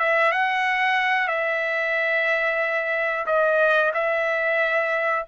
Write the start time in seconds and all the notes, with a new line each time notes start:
0.00 E5
0.32 F#5
1.28 E5
3.27 D#5
3.94 E5